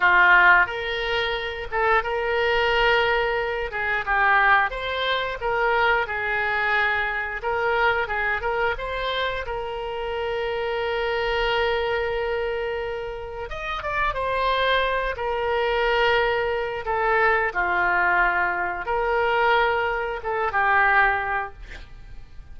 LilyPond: \new Staff \with { instrumentName = "oboe" } { \time 4/4 \tempo 4 = 89 f'4 ais'4. a'8 ais'4~ | ais'4. gis'8 g'4 c''4 | ais'4 gis'2 ais'4 | gis'8 ais'8 c''4 ais'2~ |
ais'1 | dis''8 d''8 c''4. ais'4.~ | ais'4 a'4 f'2 | ais'2 a'8 g'4. | }